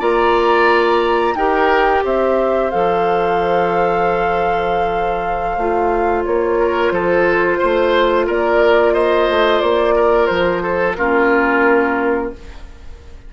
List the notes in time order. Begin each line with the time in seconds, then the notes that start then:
0.00 A#3 F4 D5 A#5
1.35 D#4 G4 A#4 G5
2.05 C4 C5 E5
2.71 F3 A4 F5
5.57 A3 F4
6.25 A#3 C#5
6.59 A#4
6.92 F3 A4 C5
7.59 A3 C5
8.27 A#3 A#4 D5
8.94 C5 D#5
9.29 A3
9.61 A#3 D5
9.96 A#4
10.27 F3 C5
10.63 A4
10.96 A#3 C#4 F4 A#4